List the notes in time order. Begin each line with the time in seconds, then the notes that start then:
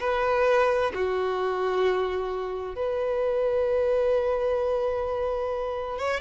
0.00 B4
0.94 F#4
2.76 B4
5.99 C#5